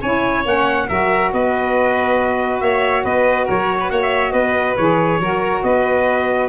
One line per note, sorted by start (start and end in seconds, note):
0.00 0.45 C#4
0.00 0.44 E4
0.00 0.86 C#5
0.00 0.44 G#5
0.44 0.88 A#3
0.44 0.87 C#4
0.44 0.88 F#5
0.88 1.32 F#3
0.88 4.76 F#4
0.88 1.31 A#4
0.88 1.31 E5
1.32 2.61 B3
1.32 2.62 B4
1.32 2.60 D#5
2.60 3.04 A#3
2.60 3.04 C#5
2.60 3.03 E5
3.04 3.47 B3
3.04 3.44 B4
3.04 3.47 D#5
3.44 3.90 F#3
3.44 3.77 A#4
3.44 3.90 C#5
3.80 3.91 B4
3.90 4.32 A#3
3.90 4.32 C#5
3.90 4.00 F#5
4.02 4.32 E5
4.32 4.75 B3
4.32 5.18 B4
4.32 4.75 D#5
4.76 5.19 E3
4.76 5.21 G#4
4.76 5.62 C#5
5.19 5.62 F#3
5.19 6.48 F#4
5.19 5.64 A#4
5.63 6.48 B3
5.63 6.48 B4
5.63 6.48 D#5